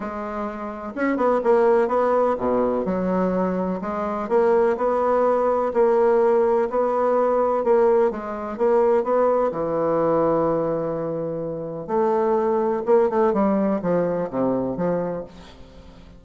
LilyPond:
\new Staff \with { instrumentName = "bassoon" } { \time 4/4 \tempo 4 = 126 gis2 cis'8 b8 ais4 | b4 b,4 fis2 | gis4 ais4 b2 | ais2 b2 |
ais4 gis4 ais4 b4 | e1~ | e4 a2 ais8 a8 | g4 f4 c4 f4 | }